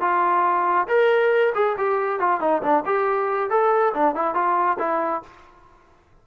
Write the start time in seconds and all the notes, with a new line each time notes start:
0.00 F4
0.88 A#4
1.55 G#4
1.77 G4
2.19 F4
2.40 D#4
2.62 D4
2.85 G4
3.50 A4
3.94 D4
4.15 E4
4.34 F4
4.79 E4